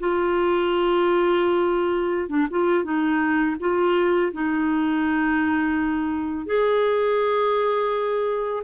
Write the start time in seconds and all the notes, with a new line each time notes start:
0.00 F4
2.29 D4
2.51 F4
2.84 D#4
3.60 F4
4.33 D#4
6.46 G#4